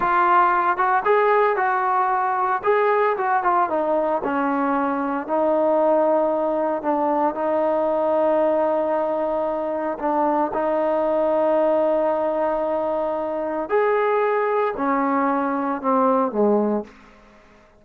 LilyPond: \new Staff \with { instrumentName = "trombone" } { \time 4/4 \tempo 4 = 114 f'4. fis'8 gis'4 fis'4~ | fis'4 gis'4 fis'8 f'8 dis'4 | cis'2 dis'2~ | dis'4 d'4 dis'2~ |
dis'2. d'4 | dis'1~ | dis'2 gis'2 | cis'2 c'4 gis4 | }